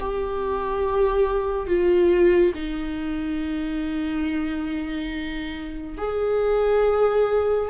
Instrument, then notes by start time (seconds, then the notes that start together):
viola
0.00 G4
1.67 F4
2.55 D#4
5.98 G#4